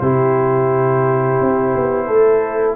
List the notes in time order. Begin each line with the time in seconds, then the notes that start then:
0.00 C3 E4 G4 C5
1.41 C4
1.75 B3
2.07 A3 A4